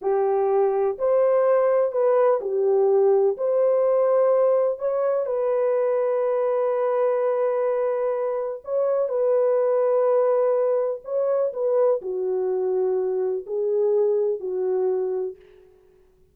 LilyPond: \new Staff \with { instrumentName = "horn" } { \time 4/4 \tempo 4 = 125 g'2 c''2 | b'4 g'2 c''4~ | c''2 cis''4 b'4~ | b'1~ |
b'2 cis''4 b'4~ | b'2. cis''4 | b'4 fis'2. | gis'2 fis'2 | }